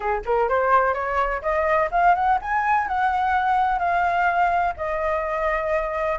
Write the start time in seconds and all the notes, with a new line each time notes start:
0.00 G#4
0.25 A#4
0.48 C5
0.94 C#5
1.42 D#5
1.91 F5
2.15 F#5
2.41 G#5
2.87 F#5
3.79 F5
4.76 D#5